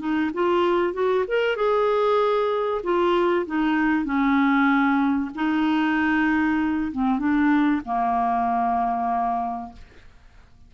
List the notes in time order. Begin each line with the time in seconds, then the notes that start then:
0.00 D#4
0.34 F4
0.94 F#4
1.28 A#4
1.57 G#4
2.84 F4
3.47 D#4
4.06 C#4
5.36 D#4
6.92 C4
7.19 D4
7.86 A#3